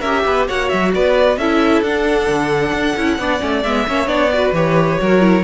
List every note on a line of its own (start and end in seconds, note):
0.00 0.24 C#4
0.00 0.49 G4
0.00 0.23 A#4
0.00 0.46 E5
0.26 0.48 B3
0.26 0.48 B4
0.48 0.72 A#3
0.48 1.39 F#4
0.48 0.93 C#5
0.48 0.69 F#5
0.69 0.95 F#3
0.69 0.91 E5
0.94 1.37 B3
0.94 1.39 B4
0.94 1.37 D5
1.37 1.82 C#4
1.37 1.85 E4
1.37 3.19 A4
1.37 1.83 E5
1.82 2.27 D4
1.82 2.97 D4
1.82 3.63 F#5
2.29 2.72 D3
2.72 2.95 D4
2.97 3.19 C#4
2.97 3.20 E4
3.19 3.41 B3
3.19 3.40 D4
3.19 3.87 D5
3.40 3.65 A3
3.40 3.62 C#4
3.63 3.87 G#3
3.63 3.88 B3
3.63 4.08 E5
3.87 4.07 A#3
3.87 4.06 C#4
3.87 4.33 C#5
4.06 4.52 B3
4.06 4.29 D4
4.06 4.53 D5
4.33 4.54 F#4
4.33 5.00 B4
4.53 4.98 E3
4.53 4.98 G4
4.53 5.44 C#5
4.98 5.44 F#3
4.98 5.21 F#4
4.98 5.44 A#4
5.21 5.43 E4